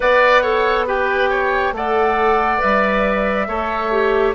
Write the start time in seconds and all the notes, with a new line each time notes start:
0.00 B3 B4 D5 F#5
0.42 A4 C#5
0.87 G4 B4 G5
1.30 C#5
1.72 A3 A4 D5 F#5
2.58 G3 B4 E5
3.47 A3 A4 C#5
3.91 G4